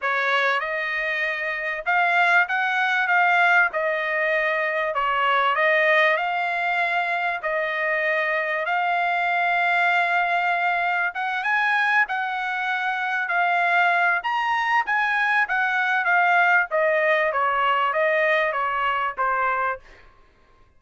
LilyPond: \new Staff \with { instrumentName = "trumpet" } { \time 4/4 \tempo 4 = 97 cis''4 dis''2 f''4 | fis''4 f''4 dis''2 | cis''4 dis''4 f''2 | dis''2 f''2~ |
f''2 fis''8 gis''4 fis''8~ | fis''4. f''4. ais''4 | gis''4 fis''4 f''4 dis''4 | cis''4 dis''4 cis''4 c''4 | }